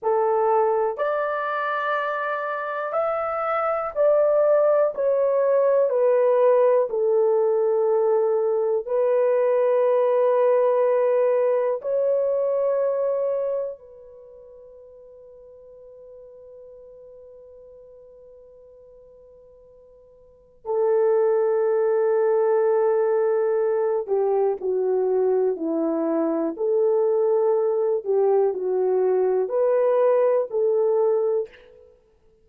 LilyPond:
\new Staff \with { instrumentName = "horn" } { \time 4/4 \tempo 4 = 61 a'4 d''2 e''4 | d''4 cis''4 b'4 a'4~ | a'4 b'2. | cis''2 b'2~ |
b'1~ | b'4 a'2.~ | a'8 g'8 fis'4 e'4 a'4~ | a'8 g'8 fis'4 b'4 a'4 | }